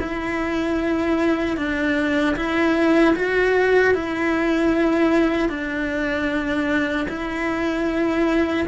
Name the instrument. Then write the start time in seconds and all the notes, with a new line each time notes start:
cello
0.00 E4
1.57 D4
2.36 E4
3.16 F#4
3.94 E4
5.49 D4
7.09 E4